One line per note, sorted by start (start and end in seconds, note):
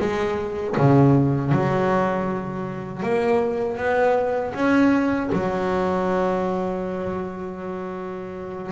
0.00 0.76 G#3
0.77 1.52 C#3
1.52 3.03 F#3
3.03 3.78 A#3
3.78 4.54 B3
4.54 5.30 C#4
5.33 8.72 F#3